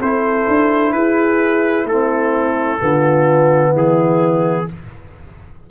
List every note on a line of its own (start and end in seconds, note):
0.00 0.47 C4
0.00 1.90 E4
0.00 0.95 A4
0.00 0.93 C5
0.48 0.94 D4
0.93 1.85 E4
0.93 1.87 G#4
0.93 1.87 B4
1.85 2.79 A3
1.85 2.79 C4
1.85 2.80 E4
1.85 3.76 A4
2.79 3.74 D3
2.79 4.66 B3
2.79 3.72 F4
3.72 4.68 E3
3.72 4.65 E4
3.72 4.71 G#4